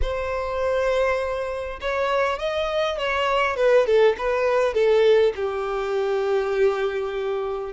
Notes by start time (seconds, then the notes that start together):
0.01 C5
1.80 C#5
2.38 D#5
2.98 C#5
3.56 B4
3.86 A4
4.18 B4
4.74 A4
5.35 G4